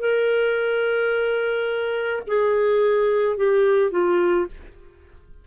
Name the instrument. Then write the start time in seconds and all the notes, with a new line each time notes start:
clarinet
0.00 A#4
2.27 G#4
3.37 G4
3.91 F4